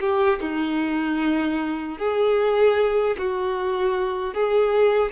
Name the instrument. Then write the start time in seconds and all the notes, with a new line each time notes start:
violin
0.00 G4
0.41 D#4
1.98 G#4
3.18 F#4
4.34 G#4